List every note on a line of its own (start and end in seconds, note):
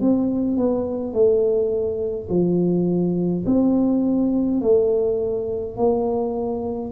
0.00 0.57 C4
0.57 1.13 B3
1.13 2.28 A3
2.29 3.45 F3
3.46 4.61 C4
4.61 5.76 A3
5.76 6.92 A#3